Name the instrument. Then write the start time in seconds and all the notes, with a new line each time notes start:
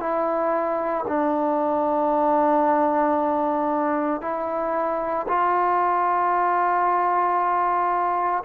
trombone
0.00 E4
1.08 D4
4.22 E4
5.28 F4